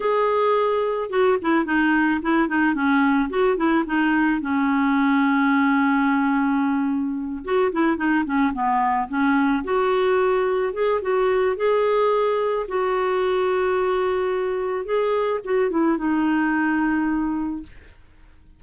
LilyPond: \new Staff \with { instrumentName = "clarinet" } { \time 4/4 \tempo 4 = 109 gis'2 fis'8 e'8 dis'4 | e'8 dis'8 cis'4 fis'8 e'8 dis'4 | cis'1~ | cis'4. fis'8 e'8 dis'8 cis'8 b8~ |
b8 cis'4 fis'2 gis'8 | fis'4 gis'2 fis'4~ | fis'2. gis'4 | fis'8 e'8 dis'2. | }